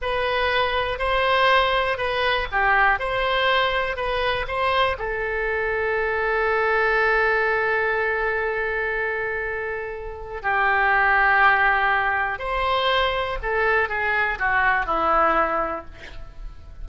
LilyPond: \new Staff \with { instrumentName = "oboe" } { \time 4/4 \tempo 4 = 121 b'2 c''2 | b'4 g'4 c''2 | b'4 c''4 a'2~ | a'1~ |
a'1~ | a'4 g'2.~ | g'4 c''2 a'4 | gis'4 fis'4 e'2 | }